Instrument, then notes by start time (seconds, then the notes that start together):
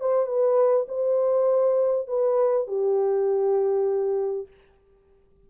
horn
0.00 C5
0.26 B4
0.88 C5
2.07 B4
2.67 G4